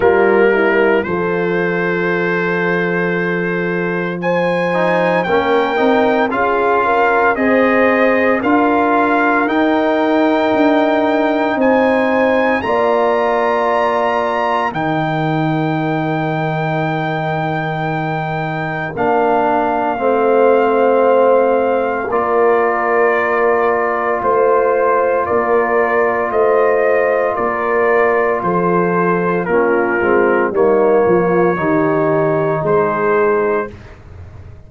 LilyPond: <<
  \new Staff \with { instrumentName = "trumpet" } { \time 4/4 \tempo 4 = 57 ais'4 c''2. | gis''4 g''4 f''4 dis''4 | f''4 g''2 gis''4 | ais''2 g''2~ |
g''2 f''2~ | f''4 d''2 c''4 | d''4 dis''4 d''4 c''4 | ais'4 cis''2 c''4 | }
  \new Staff \with { instrumentName = "horn" } { \time 4/4 f'8 e'8 a'2. | c''4 ais'4 gis'8 ais'8 c''4 | ais'2. c''4 | d''2 ais'2~ |
ais'2. c''4~ | c''4 ais'2 c''4 | ais'4 c''4 ais'4 a'4 | f'4 dis'8 f'8 g'4 gis'4 | }
  \new Staff \with { instrumentName = "trombone" } { \time 4/4 ais4 f'2.~ | f'8 dis'8 cis'8 dis'8 f'4 gis'4 | f'4 dis'2. | f'2 dis'2~ |
dis'2 d'4 c'4~ | c'4 f'2.~ | f'1 | cis'8 c'8 ais4 dis'2 | }
  \new Staff \with { instrumentName = "tuba" } { \time 4/4 g4 f2.~ | f4 ais8 c'8 cis'4 c'4 | d'4 dis'4 d'4 c'4 | ais2 dis2~ |
dis2 ais4 a4~ | a4 ais2 a4 | ais4 a4 ais4 f4 | ais8 gis8 g8 f8 dis4 gis4 | }
>>